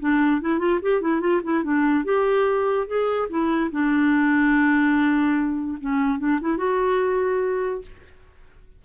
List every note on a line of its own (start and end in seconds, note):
0.00 0.41 D4
0.42 0.59 E4
0.59 0.80 F4
0.82 1.02 G4
1.02 1.21 E4
1.21 1.41 F4
1.44 1.64 E4
1.64 2.05 D4
2.05 2.87 G4
2.88 3.29 G#4
3.30 3.71 E4
3.71 5.78 D4
5.81 6.19 C#4
6.19 6.40 D4
6.41 6.58 E4
6.58 7.82 F#4